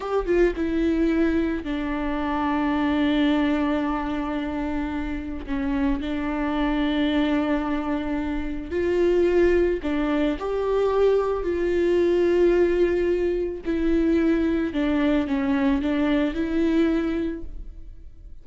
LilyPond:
\new Staff \with { instrumentName = "viola" } { \time 4/4 \tempo 4 = 110 g'8 f'8 e'2 d'4~ | d'1~ | d'2 cis'4 d'4~ | d'1 |
f'2 d'4 g'4~ | g'4 f'2.~ | f'4 e'2 d'4 | cis'4 d'4 e'2 | }